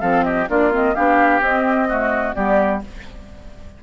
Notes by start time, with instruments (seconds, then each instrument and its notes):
0.00 bassoon F3, clarinet C4, oboe A4, flute F5
0.24 oboe G4, flute D#5
0.48 bassoon A#3, clarinet D4, oboe F4, flute D5
0.71 clarinet C4, flute D#5
0.95 bassoon B3, clarinet D4, oboe G4, flute F5
1.40 bassoon C4, clarinet C4, flute D#5
1.88 clarinet A3, oboe F#4
2.34 bassoon G3, clarinet B3, oboe G4, flute D5